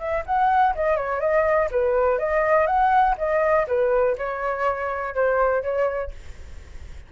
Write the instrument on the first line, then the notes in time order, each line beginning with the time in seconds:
flute
0.00 E5
0.26 F#5
0.76 D#5
0.97 C#5
1.21 D#5
1.71 B4
2.19 D#5
2.67 F#5
3.18 D#5
3.68 B4
4.18 C#5
5.15 C5
5.63 C#5